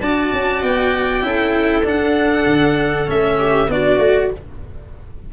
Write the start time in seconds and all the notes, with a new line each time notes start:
0.00 D4 F#4 D5 A5
0.33 C#4
0.62 B3 G5
1.21 C#4 E4 A4
1.84 D4 F#5
2.46 D3
3.07 A3 C#4 E5
3.39 G4
3.67 B3 D4 F#4 D5
3.98 A3 F#4